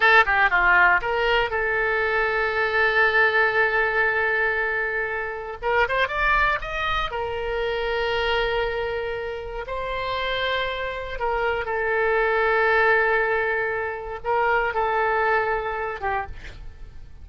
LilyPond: \new Staff \with { instrumentName = "oboe" } { \time 4/4 \tempo 4 = 118 a'8 g'8 f'4 ais'4 a'4~ | a'1~ | a'2. ais'8 c''8 | d''4 dis''4 ais'2~ |
ais'2. c''4~ | c''2 ais'4 a'4~ | a'1 | ais'4 a'2~ a'8 g'8 | }